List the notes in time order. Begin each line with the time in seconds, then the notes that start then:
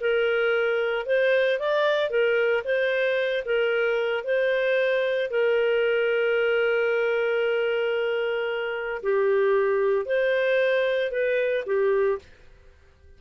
0.00 A#4
1.05 C5
1.59 D5
2.09 A#4
2.64 C5
3.45 A#4
4.24 C5
5.30 A#4
9.02 G4
10.05 C5
11.11 B4
11.65 G4